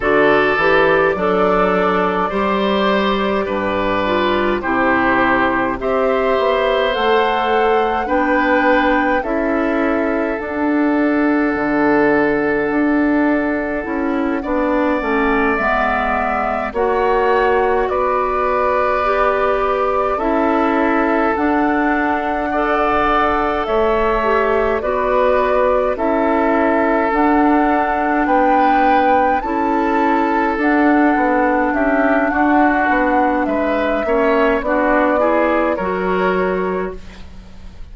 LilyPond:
<<
  \new Staff \with { instrumentName = "flute" } { \time 4/4 \tempo 4 = 52 d''1 | c''4 e''4 fis''4 g''4 | e''4 fis''2.~ | fis''4. e''4 fis''4 d''8~ |
d''4. e''4 fis''4.~ | fis''8 e''4 d''4 e''4 fis''8~ | fis''8 g''4 a''4 fis''4 e''8 | fis''4 e''4 d''4 cis''4 | }
  \new Staff \with { instrumentName = "oboe" } { \time 4/4 a'4 d'4 c''4 b'4 | g'4 c''2 b'4 | a'1~ | a'8 d''2 cis''4 b'8~ |
b'4. a'2 d''8~ | d''8 cis''4 b'4 a'4.~ | a'8 b'4 a'2 g'8 | fis'4 b'8 cis''8 fis'8 gis'8 ais'4 | }
  \new Staff \with { instrumentName = "clarinet" } { \time 4/4 fis'8 g'8 a'4 g'4. f'8 | e'4 g'4 a'4 d'4 | e'4 d'2. | e'8 d'8 cis'8 b4 fis'4.~ |
fis'8 g'4 e'4 d'4 a'8~ | a'4 g'8 fis'4 e'4 d'8~ | d'4. e'4 d'4.~ | d'4. cis'8 d'8 e'8 fis'4 | }
  \new Staff \with { instrumentName = "bassoon" } { \time 4/4 d8 e8 fis4 g4 g,4 | c4 c'8 b8 a4 b4 | cis'4 d'4 d4 d'4 | cis'8 b8 a8 gis4 ais4 b8~ |
b4. cis'4 d'4.~ | d'8 a4 b4 cis'4 d'8~ | d'8 b4 cis'4 d'8 b8 cis'8 | d'8 b8 gis8 ais8 b4 fis4 | }
>>